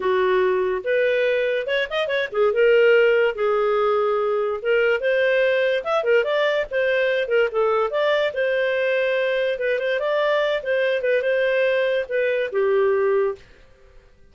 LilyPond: \new Staff \with { instrumentName = "clarinet" } { \time 4/4 \tempo 4 = 144 fis'2 b'2 | cis''8 dis''8 cis''8 gis'8 ais'2 | gis'2. ais'4 | c''2 e''8 ais'8 d''4 |
c''4. ais'8 a'4 d''4 | c''2. b'8 c''8 | d''4. c''4 b'8 c''4~ | c''4 b'4 g'2 | }